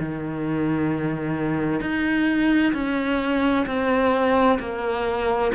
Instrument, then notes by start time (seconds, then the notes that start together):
cello
0.00 D#3
1.81 D#4
2.74 C#4
3.66 C4
4.60 A#3